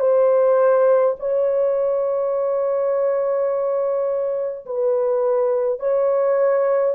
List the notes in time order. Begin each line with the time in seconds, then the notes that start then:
0.00 C5
1.19 C#5
4.66 B4
5.80 C#5